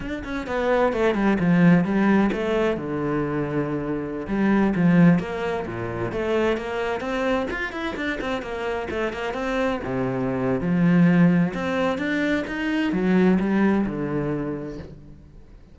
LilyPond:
\new Staff \with { instrumentName = "cello" } { \time 4/4 \tempo 4 = 130 d'8 cis'8 b4 a8 g8 f4 | g4 a4 d2~ | d4~ d16 g4 f4 ais8.~ | ais16 ais,4 a4 ais4 c'8.~ |
c'16 f'8 e'8 d'8 c'8 ais4 a8 ais16~ | ais16 c'4 c4.~ c16 f4~ | f4 c'4 d'4 dis'4 | fis4 g4 d2 | }